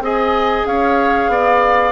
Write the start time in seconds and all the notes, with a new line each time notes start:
0.00 C4 G#4 D#5 G#5
0.65 C#4 C#5 F5
1.28 B3 D5